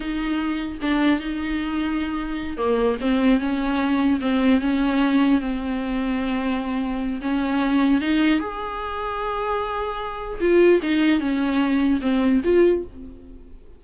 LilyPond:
\new Staff \with { instrumentName = "viola" } { \time 4/4 \tempo 4 = 150 dis'2 d'4 dis'4~ | dis'2~ dis'8 ais4 c'8~ | c'8 cis'2 c'4 cis'8~ | cis'4. c'2~ c'8~ |
c'2 cis'2 | dis'4 gis'2.~ | gis'2 f'4 dis'4 | cis'2 c'4 f'4 | }